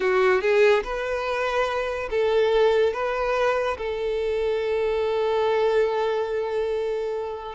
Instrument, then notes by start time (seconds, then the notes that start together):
violin
0.00 F#4
0.41 G#4
0.83 B4
2.10 A4
2.93 B4
3.77 A4